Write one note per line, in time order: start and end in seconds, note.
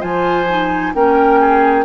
0.00 0.95 F3
0.00 0.46 F4
0.00 0.93 C5
0.00 0.94 G#5
0.49 0.94 D#4
0.94 1.85 A#3
0.94 1.85 C#4
0.94 1.41 A#4
0.94 1.85 G5
1.41 1.85 G#4